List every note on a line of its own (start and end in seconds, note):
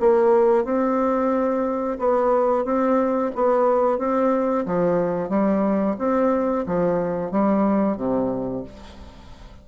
0.00 0.64 A#3
0.64 1.98 C4
1.98 2.64 B3
2.64 3.31 C4
3.35 3.98 B3
3.98 4.65 C4
4.65 5.29 F3
5.29 5.95 G3
5.98 6.65 C4
6.66 7.31 F3
7.31 7.97 G3
7.97 8.63 C3